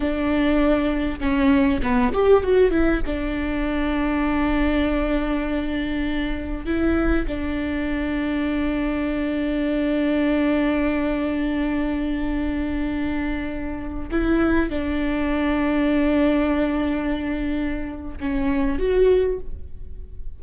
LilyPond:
\new Staff \with { instrumentName = "viola" } { \time 4/4 \tempo 4 = 99 d'2 cis'4 b8 g'8 | fis'8 e'8 d'2.~ | d'2. e'4 | d'1~ |
d'1~ | d'2.~ d'16 e'8.~ | e'16 d'2.~ d'8.~ | d'2 cis'4 fis'4 | }